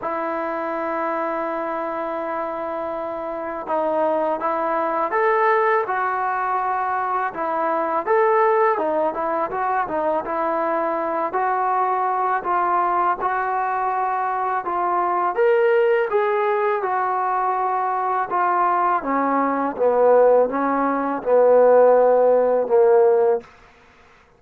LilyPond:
\new Staff \with { instrumentName = "trombone" } { \time 4/4 \tempo 4 = 82 e'1~ | e'4 dis'4 e'4 a'4 | fis'2 e'4 a'4 | dis'8 e'8 fis'8 dis'8 e'4. fis'8~ |
fis'4 f'4 fis'2 | f'4 ais'4 gis'4 fis'4~ | fis'4 f'4 cis'4 b4 | cis'4 b2 ais4 | }